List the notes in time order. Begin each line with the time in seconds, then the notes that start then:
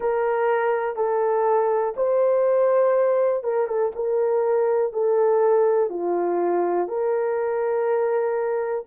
0.00 A#4
0.96 A4
1.96 C5
3.43 A#4
3.67 A4
3.95 A#4
4.92 A4
5.89 F4
6.88 A#4